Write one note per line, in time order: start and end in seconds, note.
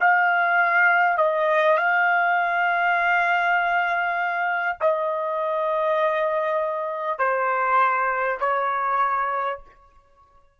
0.00 1.17 F5
1.17 1.77 D#5
1.77 4.77 F5
4.81 7.19 D#5
7.19 8.39 C5
8.40 9.60 C#5